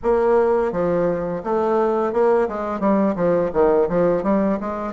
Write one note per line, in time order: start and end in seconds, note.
0.02 0.72 A#3
0.72 1.42 F3
1.43 2.12 A3
2.12 2.47 A#3
2.48 2.80 G#3
2.80 3.15 G3
3.15 3.50 F3
3.53 3.88 D#3
3.88 4.23 F3
4.23 4.58 G3
4.60 4.93 G#3